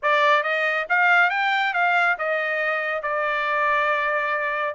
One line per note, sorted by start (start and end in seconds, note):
0.02 0.43 D5
0.43 0.86 D#5
0.89 1.30 F5
1.30 1.73 G5
1.73 2.17 F5
2.18 3.02 D#5
3.02 4.74 D5